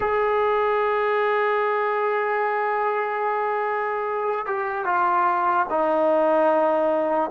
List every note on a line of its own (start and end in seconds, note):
0.00 4.46 G#4
4.46 4.85 G4
4.85 5.66 F4
5.69 7.30 D#4